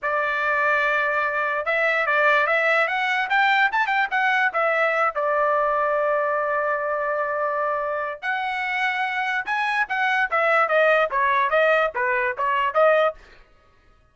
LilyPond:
\new Staff \with { instrumentName = "trumpet" } { \time 4/4 \tempo 4 = 146 d''1 | e''4 d''4 e''4 fis''4 | g''4 a''8 g''8 fis''4 e''4~ | e''8 d''2.~ d''8~ |
d''1 | fis''2. gis''4 | fis''4 e''4 dis''4 cis''4 | dis''4 b'4 cis''4 dis''4 | }